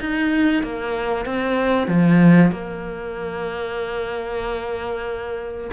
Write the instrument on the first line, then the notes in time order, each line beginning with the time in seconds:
cello
0.00 D#4
0.63 A#3
1.25 C4
1.87 F3
2.51 A#3